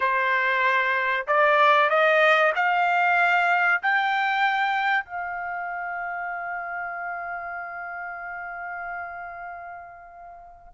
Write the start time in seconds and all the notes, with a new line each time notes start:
0.00 C5
1.27 D5
1.89 D#5
2.55 F5
3.82 G5
5.04 F5